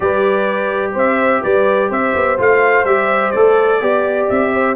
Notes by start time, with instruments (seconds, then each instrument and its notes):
0.00 tuba G3, trombone G4, horn B4, trumpet D5
0.92 tuba C4, horn C5, trumpet E5
1.42 tuba G3, horn B4, trumpet D5
1.89 tuba C4, horn C5, trumpet E5
2.14 tuba B3
2.38 tuba A3, trombone F4, trumpet F5
2.84 tuba G3, trombone G4, trumpet E5
3.31 tuba A3, trombone A4, trumpet D5
3.79 tuba B3, trombone G4, horn D5
4.29 tuba C4, trumpet E5
4.53 horn C5